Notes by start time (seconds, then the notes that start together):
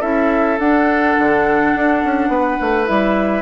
0.00 C#4 E4 A4 E5
0.59 D4 F#5
1.18 D3
1.75 D4
2.04 C#4
2.28 B3 B4
2.61 A3
2.85 G3 E4 E5